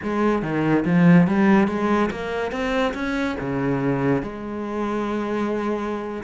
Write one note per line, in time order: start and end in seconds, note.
0.02 0.42 G#3
0.42 0.84 D#3
0.85 1.27 F3
1.27 1.67 G3
1.67 2.09 G#3
2.10 2.51 A#3
2.51 2.93 C4
2.94 3.36 C#4
3.40 4.22 C#3
4.22 6.23 G#3